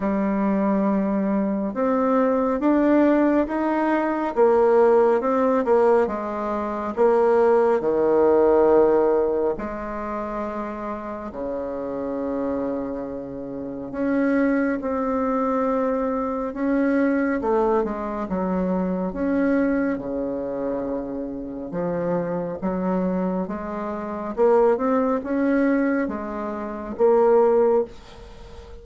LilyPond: \new Staff \with { instrumentName = "bassoon" } { \time 4/4 \tempo 4 = 69 g2 c'4 d'4 | dis'4 ais4 c'8 ais8 gis4 | ais4 dis2 gis4~ | gis4 cis2. |
cis'4 c'2 cis'4 | a8 gis8 fis4 cis'4 cis4~ | cis4 f4 fis4 gis4 | ais8 c'8 cis'4 gis4 ais4 | }